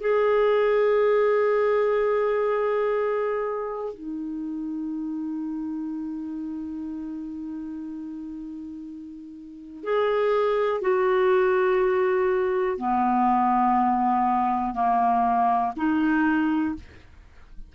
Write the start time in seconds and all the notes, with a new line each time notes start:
0.00 G#4
3.94 D#4
9.83 G#4
10.81 F#4
12.77 B3
14.74 A#3
15.76 D#4